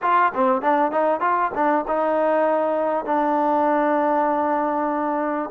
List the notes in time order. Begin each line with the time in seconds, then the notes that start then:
0.01 F4
0.34 C4
0.61 D4
0.91 D#4
1.20 F4
1.54 D4
1.87 D#4
3.05 D4